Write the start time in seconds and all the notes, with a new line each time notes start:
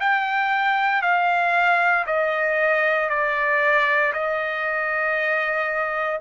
0.00 G5
1.02 F5
2.06 D#5
3.09 D5
4.13 D#5